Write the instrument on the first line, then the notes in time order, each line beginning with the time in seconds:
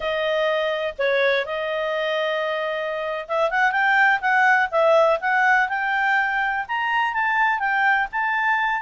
clarinet
0.00 D#5
0.98 C#5
1.45 D#5
3.28 E5
3.50 F#5
3.71 G5
4.21 F#5
4.71 E5
5.20 F#5
5.68 G5
6.68 A#5
7.13 A5
7.59 G5
8.12 A5